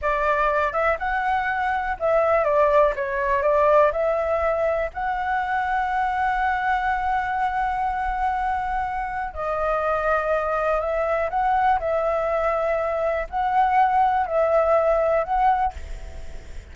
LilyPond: \new Staff \with { instrumentName = "flute" } { \time 4/4 \tempo 4 = 122 d''4. e''8 fis''2 | e''4 d''4 cis''4 d''4 | e''2 fis''2~ | fis''1~ |
fis''2. dis''4~ | dis''2 e''4 fis''4 | e''2. fis''4~ | fis''4 e''2 fis''4 | }